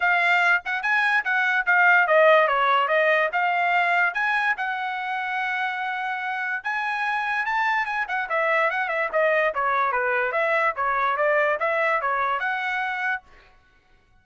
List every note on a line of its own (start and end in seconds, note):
0.00 0.62 F5
0.65 0.82 F#5
0.82 1.24 G#5
1.24 1.65 F#5
1.66 2.07 F5
2.07 2.47 D#5
2.47 2.88 C#5
2.88 3.29 D#5
3.32 4.14 F5
4.14 4.55 G#5
4.57 6.63 F#5
6.63 7.45 G#5
7.45 7.85 A5
7.85 8.06 G#5
8.08 8.28 F#5
8.29 8.70 E5
8.70 8.88 F#5
8.88 9.09 E5
9.12 9.53 D#5
9.54 9.92 C#5
9.92 10.32 B4
10.32 10.73 E5
10.76 11.16 C#5
11.16 11.58 D5
11.59 12.01 E5
12.01 12.39 C#5
12.39 13.22 F#5